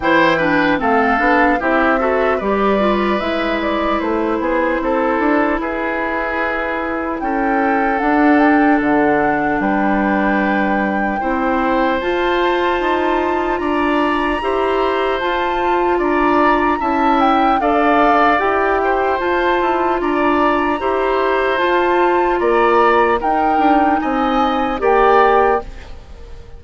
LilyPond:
<<
  \new Staff \with { instrumentName = "flute" } { \time 4/4 \tempo 4 = 75 g''4 f''4 e''4 d''4 | e''8 d''8 c''2 b'4~ | b'4 g''4 fis''8 g''8 fis''4 | g''2. a''4~ |
a''4 ais''2 a''4 | ais''4 a''8 g''8 f''4 g''4 | a''4 ais''2 a''4 | ais''4 g''4 gis''4 g''4 | }
  \new Staff \with { instrumentName = "oboe" } { \time 4/4 c''8 b'8 a'4 g'8 a'8 b'4~ | b'4. gis'8 a'4 gis'4~ | gis'4 a'2. | b'2 c''2~ |
c''4 d''4 c''2 | d''4 e''4 d''4. c''8~ | c''4 d''4 c''2 | d''4 ais'4 dis''4 d''4 | }
  \new Staff \with { instrumentName = "clarinet" } { \time 4/4 e'8 d'8 c'8 d'8 e'8 fis'8 g'8 f'8 | e'1~ | e'2 d'2~ | d'2 e'4 f'4~ |
f'2 g'4 f'4~ | f'4 e'4 a'4 g'4 | f'2 g'4 f'4~ | f'4 dis'2 g'4 | }
  \new Staff \with { instrumentName = "bassoon" } { \time 4/4 e4 a8 b8 c'4 g4 | gis4 a8 b8 c'8 d'8 e'4~ | e'4 cis'4 d'4 d4 | g2 c'4 f'4 |
dis'4 d'4 e'4 f'4 | d'4 cis'4 d'4 e'4 | f'8 e'8 d'4 e'4 f'4 | ais4 dis'8 d'8 c'4 ais4 | }
>>